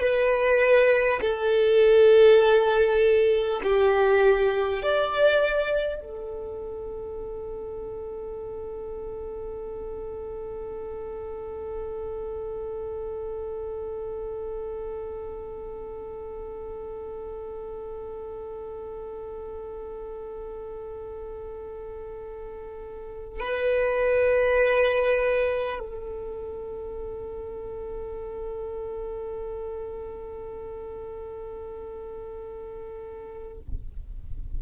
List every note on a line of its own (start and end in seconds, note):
0.00 1.20 B4
1.22 3.62 A4
3.63 4.83 G4
4.83 6.01 D5
6.01 23.41 A4
23.41 25.79 B4
25.79 33.59 A4